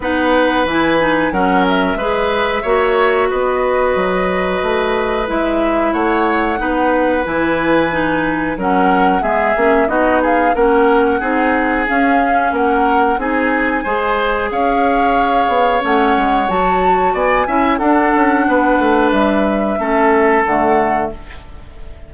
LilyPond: <<
  \new Staff \with { instrumentName = "flute" } { \time 4/4 \tempo 4 = 91 fis''4 gis''4 fis''8 e''4.~ | e''4 dis''2. | e''4 fis''2 gis''4~ | gis''4 fis''4 e''4 dis''8 f''8 |
fis''2 f''4 fis''4 | gis''2 f''2 | fis''4 a''4 gis''4 fis''4~ | fis''4 e''2 fis''4 | }
  \new Staff \with { instrumentName = "oboe" } { \time 4/4 b'2 ais'4 b'4 | cis''4 b'2.~ | b'4 cis''4 b'2~ | b'4 ais'4 gis'4 fis'8 gis'8 |
ais'4 gis'2 ais'4 | gis'4 c''4 cis''2~ | cis''2 d''8 e''8 a'4 | b'2 a'2 | }
  \new Staff \with { instrumentName = "clarinet" } { \time 4/4 dis'4 e'8 dis'8 cis'4 gis'4 | fis'1 | e'2 dis'4 e'4 | dis'4 cis'4 b8 cis'8 dis'4 |
cis'4 dis'4 cis'2 | dis'4 gis'2. | cis'4 fis'4. e'8 d'4~ | d'2 cis'4 a4 | }
  \new Staff \with { instrumentName = "bassoon" } { \time 4/4 b4 e4 fis4 gis4 | ais4 b4 fis4 a4 | gis4 a4 b4 e4~ | e4 fis4 gis8 ais8 b4 |
ais4 c'4 cis'4 ais4 | c'4 gis4 cis'4. b8 | a8 gis8 fis4 b8 cis'8 d'8 cis'8 | b8 a8 g4 a4 d4 | }
>>